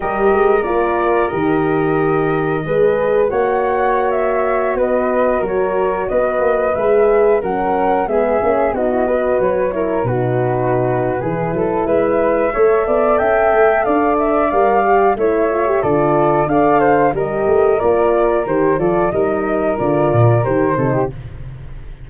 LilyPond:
<<
  \new Staff \with { instrumentName = "flute" } { \time 4/4 \tempo 4 = 91 dis''4 d''4 dis''2~ | dis''4 fis''4~ fis''16 e''4 dis''8.~ | dis''16 cis''4 dis''4 e''4 fis''8.~ | fis''16 e''4 dis''4 cis''4 b'8.~ |
b'2 e''2 | g''4 f''8 e''8 f''4 e''4 | d''4 f''4 dis''4 d''4 | c''8 d''8 dis''4 d''4 c''4 | }
  \new Staff \with { instrumentName = "flute" } { \time 4/4 ais'1 | b'4 cis''2~ cis''16 b'8.~ | b'16 ais'4 b'2 ais'8.~ | ais'16 gis'4 fis'8 b'4 ais'8 fis'8.~ |
fis'4 gis'8 a'8 b'4 cis''8 d''8 | e''4 d''2 cis''4 | a'4 d''8 c''8 ais'2~ | ais'8 a'8 ais'2~ ais'8 a'16 g'16 | }
  \new Staff \with { instrumentName = "horn" } { \time 4/4 g'4 f'4 g'2 | gis'4 fis'2.~ | fis'2~ fis'16 gis'4 cis'8.~ | cis'16 b8 cis'8 dis'16 e'16 fis'4 e'8 dis'8.~ |
dis'4 e'2 a'4~ | a'2 ais'8 g'8 e'8 f'16 g'16 | f'4 a'4 g'4 f'4 | g'8 f'8 dis'4 f'4 g'8 dis'8 | }
  \new Staff \with { instrumentName = "tuba" } { \time 4/4 g8 gis8 ais4 dis2 | gis4 ais2~ ais16 b8.~ | b16 fis4 b8 ais8 gis4 fis8.~ | fis16 gis8 ais8 b4 fis4 b,8.~ |
b,4 e8 fis8 gis4 a8 b8 | cis'8 a8 d'4 g4 a4 | d4 d'4 g8 a8 ais4 | dis8 f8 g4 d8 ais,8 dis8 c8 | }
>>